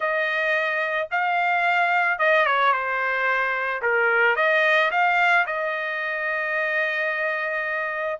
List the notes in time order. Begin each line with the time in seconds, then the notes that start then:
0.00 D#5
1.11 F5
2.18 D#5
2.46 C#5
2.72 C5
3.82 A#4
4.36 D#5
4.91 F5
5.46 D#5